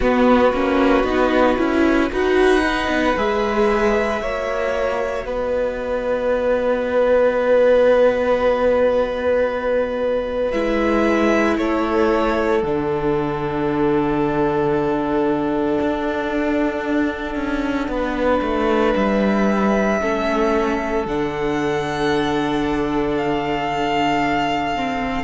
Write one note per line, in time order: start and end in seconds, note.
0.00 0.53 B3
0.00 2.10 F#4
0.00 2.12 B4
0.53 1.03 A#3
0.53 1.04 C#4
1.03 1.56 B3
1.03 1.57 D#4
1.57 2.11 C#4
1.57 2.09 E4
2.10 2.87 D#4
2.10 2.61 F#4
2.10 4.21 B4
2.10 3.18 F#5
2.61 3.13 D#4
2.87 3.14 B3
3.17 4.21 G#3
3.17 4.20 G#4
3.17 5.28 E5
4.20 5.25 A#3
4.20 10.52 F#4
4.20 5.25 C#5
5.25 10.52 B3
5.25 11.57 B4
5.25 10.51 D#5
10.51 11.57 G#3
10.51 12.63 E4
10.51 11.57 E5
11.57 12.62 A3
11.57 17.89 A4
11.57 12.62 C#5
12.62 15.78 D3
12.62 20.00 D4
12.62 18.93 F#5
15.80 17.35 D4
17.35 17.87 C#4
17.87 18.40 B3
17.87 20.00 B4
18.41 18.94 A3
18.95 20.01 G3
18.95 21.06 E5
20.00 21.05 A3
20.00 21.05 C#4
20.00 25.24 A4
21.05 25.24 D3
21.05 24.75 D4
21.05 23.17 F#5
23.17 25.24 F5
24.75 25.24 C4